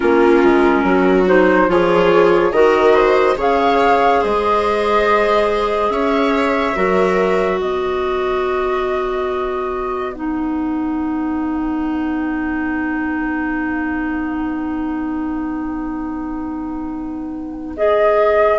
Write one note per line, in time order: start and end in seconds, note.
0.00 0.43 A#3
0.00 1.26 C#4
0.00 0.84 F4
0.00 1.26 A#4
0.43 0.83 G#3
0.83 1.68 F#3
0.83 1.70 F#4
1.27 1.68 D#4
1.27 1.70 C5
1.68 2.52 F3
1.68 2.52 F4
1.68 2.53 G#4
1.68 2.52 C#5
2.52 3.36 D#3
2.52 3.36 F#4
2.52 2.94 A#4
2.52 3.36 D#5
2.94 3.36 C5
3.36 4.21 C#3
3.36 6.74 G#4
3.36 4.21 C#5
3.36 4.24 F5
4.21 5.89 G#3
4.21 5.90 C5
4.21 5.90 D#5
5.89 6.74 C#4
5.89 6.76 C#5
5.89 7.59 E5
6.75 7.60 F#3
6.75 10.13 F#4
6.75 7.60 A#4
7.60 18.58 B3
7.60 18.58 B4
7.60 10.13 D#5
10.13 17.75 D#4
10.13 17.74 F#5
17.76 18.58 G#4
17.76 18.58 D#5